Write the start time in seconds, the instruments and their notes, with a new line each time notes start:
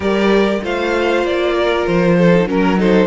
0.00 cello G3, viola G4, violin A#4 D5
0.63 cello A3, viola F4, violin C5 F5
1.24 cello A#3, violin D5
1.54 violin A#4
1.86 cello F3, violin C5
2.18 violin A4
2.34 viola D#4
2.46 cello F#3, viola C#4, violin A#4
2.77 viola D#4, violin A4 C5